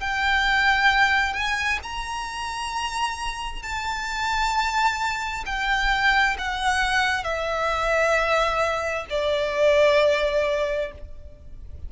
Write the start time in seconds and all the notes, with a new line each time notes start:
0.00 G5
1.33 G#5
1.83 A#5
3.62 A5
5.45 G5
6.38 F#5
7.24 E5
9.10 D5